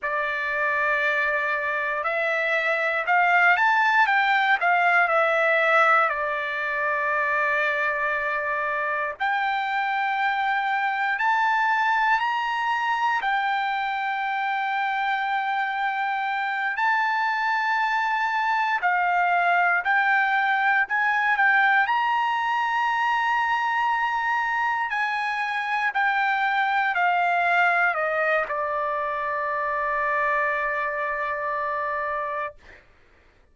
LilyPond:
\new Staff \with { instrumentName = "trumpet" } { \time 4/4 \tempo 4 = 59 d''2 e''4 f''8 a''8 | g''8 f''8 e''4 d''2~ | d''4 g''2 a''4 | ais''4 g''2.~ |
g''8 a''2 f''4 g''8~ | g''8 gis''8 g''8 ais''2~ ais''8~ | ais''8 gis''4 g''4 f''4 dis''8 | d''1 | }